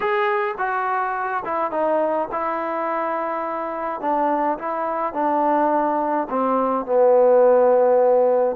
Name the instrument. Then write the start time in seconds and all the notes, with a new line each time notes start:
trombone
0.00 G#4
0.58 F#4
1.44 E4
1.71 D#4
2.31 E4
4.00 D4
4.58 E4
5.13 D4
6.29 C4
6.85 B3